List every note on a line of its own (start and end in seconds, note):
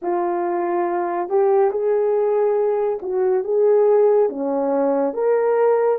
0.02 1.29 F4
1.29 1.70 G4
1.70 2.99 G#4
3.02 3.44 F#4
3.44 4.29 G#4
4.29 5.13 C#4
5.13 5.98 A#4